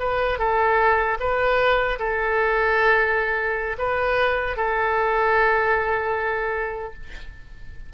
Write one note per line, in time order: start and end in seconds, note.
0.00 0.39 B4
0.39 1.18 A4
1.20 1.99 B4
2.00 3.77 A4
3.79 4.57 B4
4.57 6.94 A4